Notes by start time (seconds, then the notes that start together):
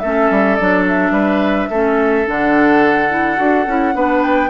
0.00 A3 C#4 A4 E5
0.31 G3
0.56 F#3 D4 D5
0.88 E5
1.11 G3 B4
1.70 A3 C#4 A4
2.26 D3 D4 F#5
3.10 E4
3.37 D4 F#4
3.67 C#4 E4
3.94 B3 D4 B4
4.23 G5